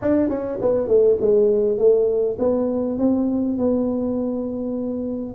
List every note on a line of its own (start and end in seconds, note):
0.01 0.29 D4
0.29 0.59 C#4
0.61 0.87 B3
0.87 1.17 A3
1.20 1.78 G#3
1.78 2.37 A3
2.38 2.98 B3
2.98 3.58 C4
3.58 5.35 B3